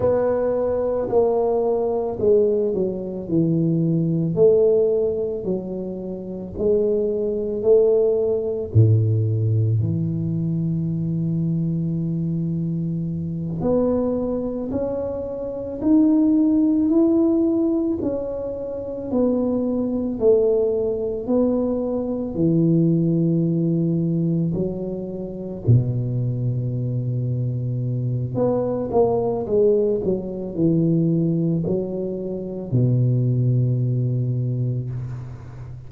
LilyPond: \new Staff \with { instrumentName = "tuba" } { \time 4/4 \tempo 4 = 55 b4 ais4 gis8 fis8 e4 | a4 fis4 gis4 a4 | a,4 e2.~ | e8 b4 cis'4 dis'4 e'8~ |
e'8 cis'4 b4 a4 b8~ | b8 e2 fis4 b,8~ | b,2 b8 ais8 gis8 fis8 | e4 fis4 b,2 | }